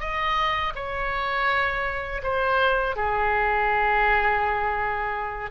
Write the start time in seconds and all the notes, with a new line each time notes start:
0.00 D#5
0.75 C#5
2.23 C5
2.96 G#4